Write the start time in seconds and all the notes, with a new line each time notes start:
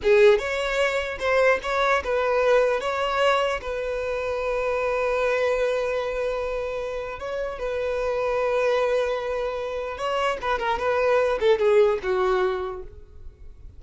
0.03 G#4
0.38 C#5
1.19 C5
1.62 C#5
2.03 B4
2.80 C#5
3.61 B4
7.19 C#5
7.58 B4
9.97 C#5
10.41 B4
10.59 A#4
10.79 B4
11.40 A4
11.59 G#4
12.02 F#4